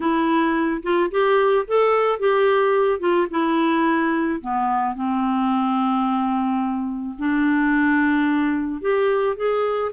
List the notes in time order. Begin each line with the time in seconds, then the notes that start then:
0.00 E4
0.83 F4
1.10 G4
1.67 A4
2.19 G4
2.99 F4
3.30 E4
4.40 B3
4.95 C4
7.18 D4
8.81 G4
9.36 G#4